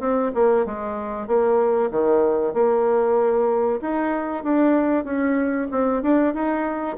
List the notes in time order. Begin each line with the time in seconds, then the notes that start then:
0.00 C4
0.34 A#3
0.65 G#3
1.27 A#3
1.91 D#3
2.53 A#3
3.81 D#4
4.43 D4
5.04 C#4
5.71 C4
6.02 D4
6.34 D#4